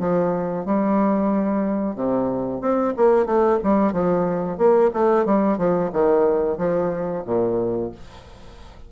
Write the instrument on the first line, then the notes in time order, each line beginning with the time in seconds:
bassoon
0.00 F3
0.66 G3
1.96 C3
2.61 C4
2.97 A#3
3.26 A3
3.64 G3
3.93 F3
4.58 A#3
4.94 A3
5.26 G3
5.58 F3
5.93 D#3
6.58 F3
7.26 A#2